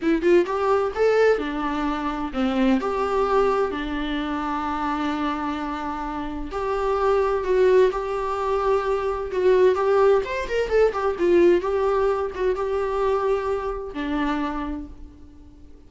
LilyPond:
\new Staff \with { instrumentName = "viola" } { \time 4/4 \tempo 4 = 129 e'8 f'8 g'4 a'4 d'4~ | d'4 c'4 g'2 | d'1~ | d'2 g'2 |
fis'4 g'2. | fis'4 g'4 c''8 ais'8 a'8 g'8 | f'4 g'4. fis'8 g'4~ | g'2 d'2 | }